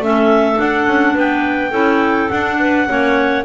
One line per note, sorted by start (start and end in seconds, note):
0.00 0.57 A3
0.00 0.56 C#4
0.00 1.15 A4
0.00 0.60 E5
0.56 1.70 D4
0.56 0.87 D4
0.56 1.17 F#5
0.87 1.16 C#4
1.15 1.72 B3
1.15 1.71 B4
1.15 2.30 G5
1.71 2.29 C#4
1.71 2.30 E4
1.71 2.57 A4
2.30 2.87 D4
2.30 2.89 D4
2.30 3.44 F#5
2.60 2.88 B4
2.87 3.45 A#3
2.87 3.44 C#4
2.87 3.45 C#5